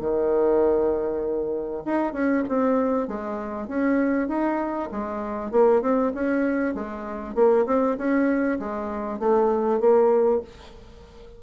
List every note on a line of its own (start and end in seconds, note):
0.00 1.84 D#3
1.85 2.13 D#4
2.13 2.43 C#4
2.49 3.07 C4
3.07 3.67 G#3
3.67 4.27 C#4
4.27 4.89 D#4
4.91 5.51 G#3
5.51 5.81 A#3
5.81 6.12 C4
6.14 6.74 C#4
6.74 7.35 G#3
7.35 7.65 A#3
7.66 7.96 C4
7.97 8.59 C#4
8.59 9.19 G#3
9.19 9.80 A3
9.80 10.41 A#3